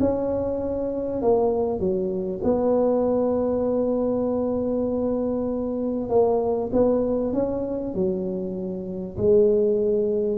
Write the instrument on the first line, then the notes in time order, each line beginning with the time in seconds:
tuba
0.00 C#4
1.22 A#3
1.80 F#3
2.44 B3
6.09 A#3
6.73 B3
7.34 C#4
7.95 F#3
9.17 G#3